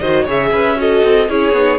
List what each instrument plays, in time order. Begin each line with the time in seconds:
0.00 cello D#3, viola F#4, violin C5 D#5
0.24 cello C#3, viola G#4, violin C#5
0.31 violin E5
0.52 cello C#4, violin B4
0.76 viola F#4, violin A4 D#5
1.04 cello C4
1.29 cello C#4, viola E4, violin G#4 C#5
1.53 cello B3, viola D#4